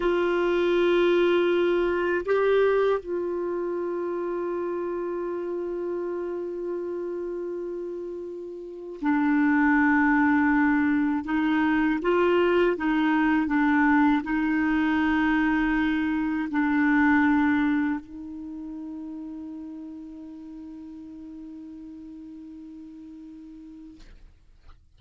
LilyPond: \new Staff \with { instrumentName = "clarinet" } { \time 4/4 \tempo 4 = 80 f'2. g'4 | f'1~ | f'1 | d'2. dis'4 |
f'4 dis'4 d'4 dis'4~ | dis'2 d'2 | dis'1~ | dis'1 | }